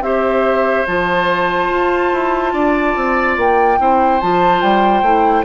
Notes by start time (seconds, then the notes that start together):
0.00 C4 G4 C5 E5
0.87 F3 F4 A5
1.70 F4
2.12 E4
2.53 D4 D5
2.95 C4
3.36 A#3 G5
3.78 C4 E4 C5
4.20 F3 F4 A5
4.61 G3 G5
5.02 A3 E4